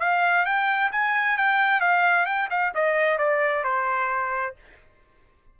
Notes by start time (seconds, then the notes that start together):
0.00 F5
0.46 G5
0.92 G#5
1.38 G5
1.81 F5
2.26 G5
2.50 F5
2.75 D#5
3.19 D5
3.64 C5